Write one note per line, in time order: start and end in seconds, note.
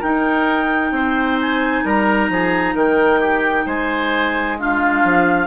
0.00 4.57 D#4
0.00 0.91 D#4
0.00 0.91 A#4
0.00 1.39 G5
0.91 1.82 C4
0.91 1.85 C5
1.41 1.86 G#5
1.85 2.29 G3
1.85 2.30 A#4
1.85 2.77 A#5
2.29 2.75 F3
2.29 2.75 G#4
2.75 3.66 D#3
2.75 3.20 A#4
2.75 3.68 G5
3.20 3.66 G4
3.66 5.03 G#3
3.66 4.57 C5
3.66 4.59 G#5
4.59 5.47 D4
4.59 5.47 F4
4.59 5.47 F5
5.04 5.47 F3